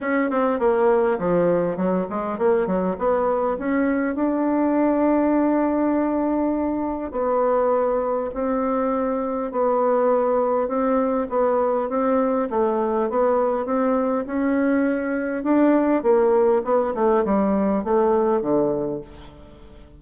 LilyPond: \new Staff \with { instrumentName = "bassoon" } { \time 4/4 \tempo 4 = 101 cis'8 c'8 ais4 f4 fis8 gis8 | ais8 fis8 b4 cis'4 d'4~ | d'1 | b2 c'2 |
b2 c'4 b4 | c'4 a4 b4 c'4 | cis'2 d'4 ais4 | b8 a8 g4 a4 d4 | }